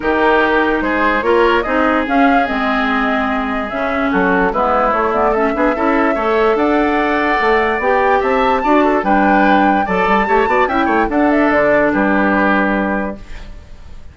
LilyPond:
<<
  \new Staff \with { instrumentName = "flute" } { \time 4/4 \tempo 4 = 146 ais'2 c''4 cis''4 | dis''4 f''4 dis''2~ | dis''4 e''4 a'4 b'4 | cis''8 d''8 e''2. |
fis''2. g''4 | a''2 g''2 | a''2 g''4 fis''8 e''8 | d''4 b'2. | }
  \new Staff \with { instrumentName = "oboe" } { \time 4/4 g'2 gis'4 ais'4 | gis'1~ | gis'2 fis'4 e'4~ | e'4 a'8 gis'8 a'4 cis''4 |
d''1 | e''4 d''8 a'8 b'2 | d''4 cis''8 d''8 e''8 cis''8 a'4~ | a'4 g'2. | }
  \new Staff \with { instrumentName = "clarinet" } { \time 4/4 dis'2. f'4 | dis'4 cis'4 c'2~ | c'4 cis'2 b4 | a8 b8 cis'8 d'8 e'4 a'4~ |
a'2. g'4~ | g'4 fis'4 d'2 | a'4 g'8 fis'8 e'4 d'4~ | d'1 | }
  \new Staff \with { instrumentName = "bassoon" } { \time 4/4 dis2 gis4 ais4 | c'4 cis'4 gis2~ | gis4 cis4 fis4 gis4 | a4. b8 cis'4 a4 |
d'2 a4 b4 | c'4 d'4 g2 | fis8 g8 a8 b8 cis'8 a8 d'4 | d4 g2. | }
>>